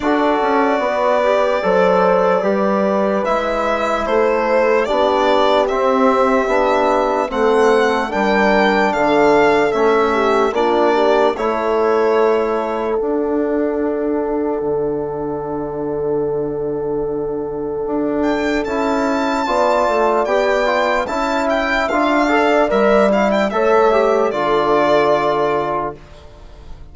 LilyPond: <<
  \new Staff \with { instrumentName = "violin" } { \time 4/4 \tempo 4 = 74 d''1 | e''4 c''4 d''4 e''4~ | e''4 fis''4 g''4 f''4 | e''4 d''4 cis''2 |
fis''1~ | fis''2~ fis''8 g''8 a''4~ | a''4 g''4 a''8 g''8 f''4 | e''8 f''16 g''16 e''4 d''2 | }
  \new Staff \with { instrumentName = "horn" } { \time 4/4 a'4 b'4 c''4 b'4~ | b'4 a'4 g'2~ | g'4 a'4 ais'4 a'4~ | a'8 g'8 f'8 g'8 a'2~ |
a'1~ | a'1 | d''2 e''4. d''8~ | d''4 cis''4 a'2 | }
  \new Staff \with { instrumentName = "trombone" } { \time 4/4 fis'4. g'8 a'4 g'4 | e'2 d'4 c'4 | d'4 c'4 d'2 | cis'4 d'4 e'2 |
d'1~ | d'2. e'4 | f'4 g'8 f'8 e'4 f'8 a'8 | ais'8 e'8 a'8 g'8 f'2 | }
  \new Staff \with { instrumentName = "bassoon" } { \time 4/4 d'8 cis'8 b4 fis4 g4 | gis4 a4 b4 c'4 | b4 a4 g4 d4 | a4 ais4 a2 |
d'2 d2~ | d2 d'4 cis'4 | b8 a8 b4 cis'4 d'4 | g4 a4 d2 | }
>>